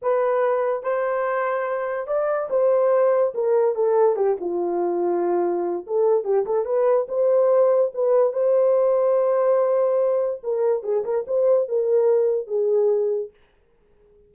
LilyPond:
\new Staff \with { instrumentName = "horn" } { \time 4/4 \tempo 4 = 144 b'2 c''2~ | c''4 d''4 c''2 | ais'4 a'4 g'8 f'4.~ | f'2 a'4 g'8 a'8 |
b'4 c''2 b'4 | c''1~ | c''4 ais'4 gis'8 ais'8 c''4 | ais'2 gis'2 | }